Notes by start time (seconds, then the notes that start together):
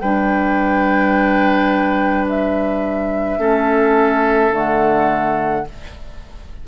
0.00 G3 D4 B4 G5
2.29 E5
3.39 A3 C#4 A4
4.51 D3 A3 F#5